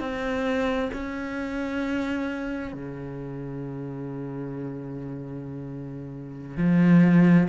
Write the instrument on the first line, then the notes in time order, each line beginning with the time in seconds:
cello
0.00 C4
0.93 C#4
2.73 C#3
6.57 F3